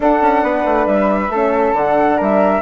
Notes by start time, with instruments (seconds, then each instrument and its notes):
0.00 bassoon D4, horn D4, flute A4 F#5
0.21 bassoon C#4
0.42 bassoon B3, flute B4
0.65 bassoon A3
0.86 bassoon G3, flute E5
1.29 bassoon A3, horn C#4, flute A4
1.73 bassoon D3, horn D4, flute F#5
2.17 bassoon G3, flute A#4 E5